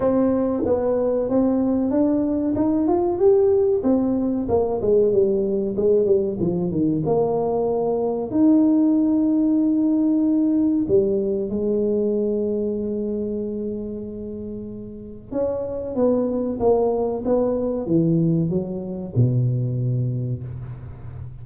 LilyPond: \new Staff \with { instrumentName = "tuba" } { \time 4/4 \tempo 4 = 94 c'4 b4 c'4 d'4 | dis'8 f'8 g'4 c'4 ais8 gis8 | g4 gis8 g8 f8 dis8 ais4~ | ais4 dis'2.~ |
dis'4 g4 gis2~ | gis1 | cis'4 b4 ais4 b4 | e4 fis4 b,2 | }